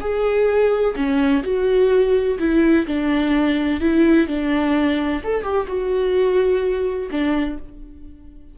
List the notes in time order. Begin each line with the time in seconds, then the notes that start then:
0.00 G#4
0.95 C#4
1.43 F#4
2.38 E4
2.86 D4
3.80 E4
4.27 D4
5.23 A4
5.42 G4
5.67 F#4
7.10 D4